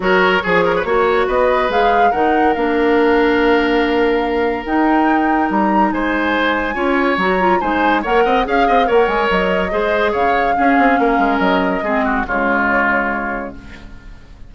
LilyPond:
<<
  \new Staff \with { instrumentName = "flute" } { \time 4/4 \tempo 4 = 142 cis''2. dis''4 | f''4 fis''4 f''2~ | f''2. g''4~ | g''4 ais''4 gis''2~ |
gis''4 ais''4 gis''4 fis''4 | f''4 fis''8 gis''8 dis''2 | f''2. dis''4~ | dis''4 cis''2. | }
  \new Staff \with { instrumentName = "oboe" } { \time 4/4 ais'4 gis'8 ais'16 b'16 cis''4 b'4~ | b'4 ais'2.~ | ais'1~ | ais'2 c''2 |
cis''2 c''4 cis''8 dis''8 | f''8 dis''8 cis''2 c''4 | cis''4 gis'4 ais'2 | gis'8 fis'8 f'2. | }
  \new Staff \with { instrumentName = "clarinet" } { \time 4/4 fis'4 gis'4 fis'2 | gis'4 dis'4 d'2~ | d'2. dis'4~ | dis'1 |
f'4 fis'8 f'8 dis'4 ais'4 | gis'4 ais'2 gis'4~ | gis'4 cis'2. | c'4 gis2. | }
  \new Staff \with { instrumentName = "bassoon" } { \time 4/4 fis4 f4 ais4 b4 | gis4 dis4 ais2~ | ais2. dis'4~ | dis'4 g4 gis2 |
cis'4 fis4 gis4 ais8 c'8 | cis'8 c'8 ais8 gis8 fis4 gis4 | cis4 cis'8 c'8 ais8 gis8 fis4 | gis4 cis2. | }
>>